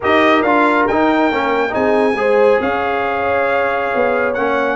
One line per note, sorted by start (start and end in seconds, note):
0.00 0.42 D#4
0.00 0.45 G4
0.00 1.73 A#4
0.00 0.42 D#5
0.42 0.86 D4
0.42 0.89 F4
0.42 0.85 F5
0.87 1.30 D#4
0.87 1.32 D#4
0.87 1.74 G5
1.30 1.74 A#3
1.30 1.69 C#4
1.69 2.15 C4
1.69 2.12 D#4
1.69 2.18 G#4
1.69 2.61 G#5
2.15 2.58 G#3
2.15 4.34 G#4
2.15 2.61 C5
2.60 3.90 C#4
2.60 4.76 C#5
2.60 4.34 F5
3.94 4.37 B3
4.34 4.76 A#3
4.34 4.76 C#4
4.34 4.76 F#5